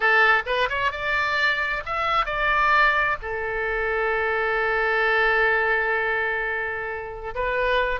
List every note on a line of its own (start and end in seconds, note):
0.00 0.42 A4
0.46 0.68 B4
0.69 0.91 C#5
0.91 1.83 D5
1.85 2.25 E5
2.25 3.17 D5
3.22 7.34 A4
7.34 8.00 B4